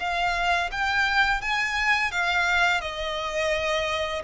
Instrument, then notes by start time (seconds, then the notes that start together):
violin
0.00 F5
0.72 G5
1.42 G#5
2.12 F5
2.82 D#5